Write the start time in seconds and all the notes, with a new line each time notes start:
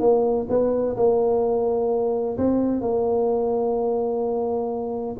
0.00 A#3
0.49 B3
0.97 A#3
2.38 C4
2.81 A#3